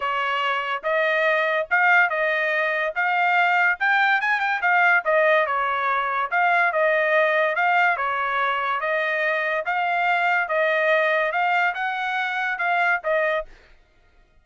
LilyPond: \new Staff \with { instrumentName = "trumpet" } { \time 4/4 \tempo 4 = 143 cis''2 dis''2 | f''4 dis''2 f''4~ | f''4 g''4 gis''8 g''8 f''4 | dis''4 cis''2 f''4 |
dis''2 f''4 cis''4~ | cis''4 dis''2 f''4~ | f''4 dis''2 f''4 | fis''2 f''4 dis''4 | }